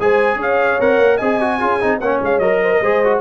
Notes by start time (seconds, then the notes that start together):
0.00 G#3 G#4 C5 G#5
0.36 C#4 C#5 F5
0.80 C4 A#4 F#5
0.99 A#3
1.17 C4 G#4 D#5 G#5
1.40 F#4
1.58 C#4 F4 G#4
1.80 C4 D#4
2.00 A#3 C#4 C#5 F#5
2.22 G#3 F5
2.39 F#3 A#4 D#5
2.63 C5
2.72 A#4
2.81 G#3 G#4 C5
3.04 F#4